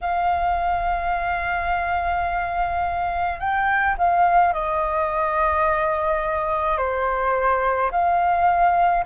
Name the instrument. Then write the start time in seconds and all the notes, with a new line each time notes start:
flute
0.01 F5
3.39 G5
3.98 F5
4.53 D#5
6.77 C5
7.91 F5